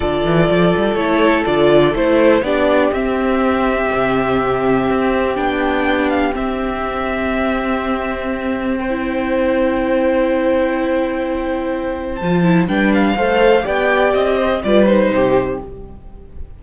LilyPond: <<
  \new Staff \with { instrumentName = "violin" } { \time 4/4 \tempo 4 = 123 d''2 cis''4 d''4 | c''4 d''4 e''2~ | e''2. g''4~ | g''8 f''8 e''2.~ |
e''2 g''2~ | g''1~ | g''4 a''4 g''8 f''4. | g''4 dis''4 d''8 c''4. | }
  \new Staff \with { instrumentName = "violin" } { \time 4/4 a'1~ | a'4 g'2.~ | g'1~ | g'1~ |
g'2 c''2~ | c''1~ | c''2 b'4 c''4 | d''4. c''8 b'4 g'4 | }
  \new Staff \with { instrumentName = "viola" } { \time 4/4 f'2 e'4 f'4 | e'4 d'4 c'2~ | c'2. d'4~ | d'4 c'2.~ |
c'2~ c'16 e'4.~ e'16~ | e'1~ | e'4 f'8 e'8 d'4 a'4 | g'2 f'8 dis'4. | }
  \new Staff \with { instrumentName = "cello" } { \time 4/4 d8 e8 f8 g8 a4 d4 | a4 b4 c'2 | c2 c'4 b4~ | b4 c'2.~ |
c'1~ | c'1~ | c'4 f4 g4 a4 | b4 c'4 g4 c4 | }
>>